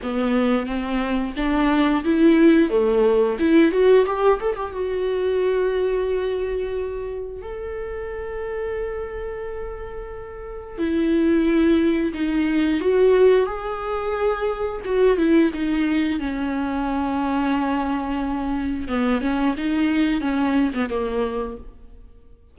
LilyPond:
\new Staff \with { instrumentName = "viola" } { \time 4/4 \tempo 4 = 89 b4 c'4 d'4 e'4 | a4 e'8 fis'8 g'8 a'16 g'16 fis'4~ | fis'2. a'4~ | a'1 |
e'2 dis'4 fis'4 | gis'2 fis'8 e'8 dis'4 | cis'1 | b8 cis'8 dis'4 cis'8. b16 ais4 | }